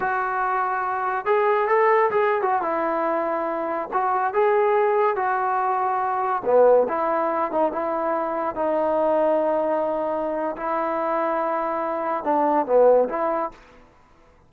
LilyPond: \new Staff \with { instrumentName = "trombone" } { \time 4/4 \tempo 4 = 142 fis'2. gis'4 | a'4 gis'8. fis'8 e'4.~ e'16~ | e'4~ e'16 fis'4 gis'4.~ gis'16~ | gis'16 fis'2. b8.~ |
b16 e'4. dis'8 e'4.~ e'16~ | e'16 dis'2.~ dis'8.~ | dis'4 e'2.~ | e'4 d'4 b4 e'4 | }